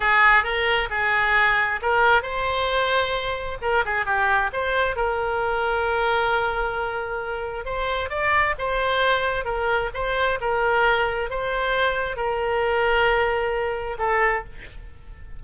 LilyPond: \new Staff \with { instrumentName = "oboe" } { \time 4/4 \tempo 4 = 133 gis'4 ais'4 gis'2 | ais'4 c''2. | ais'8 gis'8 g'4 c''4 ais'4~ | ais'1~ |
ais'4 c''4 d''4 c''4~ | c''4 ais'4 c''4 ais'4~ | ais'4 c''2 ais'4~ | ais'2. a'4 | }